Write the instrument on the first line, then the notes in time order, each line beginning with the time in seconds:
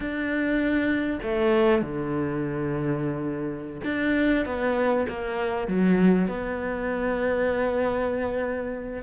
cello
0.00 D4
1.22 A3
1.82 D3
3.84 D4
4.45 B3
5.08 A#3
5.67 F#3
6.28 B3